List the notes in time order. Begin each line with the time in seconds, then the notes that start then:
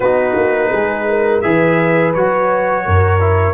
0.00 B3 D#4 F#4 B4
0.35 A#3
0.71 G#3 G#4
1.09 A#4
1.41 E3 G#4 B4 E5
2.14 F#3 F#4 C#5
2.85 F#2 A#4
3.19 E4